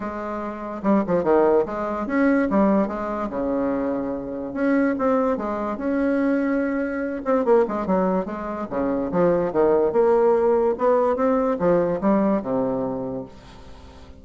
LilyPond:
\new Staff \with { instrumentName = "bassoon" } { \time 4/4 \tempo 4 = 145 gis2 g8 f8 dis4 | gis4 cis'4 g4 gis4 | cis2. cis'4 | c'4 gis4 cis'2~ |
cis'4. c'8 ais8 gis8 fis4 | gis4 cis4 f4 dis4 | ais2 b4 c'4 | f4 g4 c2 | }